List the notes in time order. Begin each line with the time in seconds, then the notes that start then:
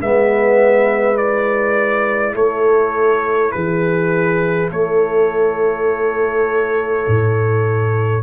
0.00 G#3 B3 B4 E5
1.13 E4 D5
2.35 A3 A4 C#5
3.51 E3 G#4 B4
4.71 A3 A4 C#5
7.07 A2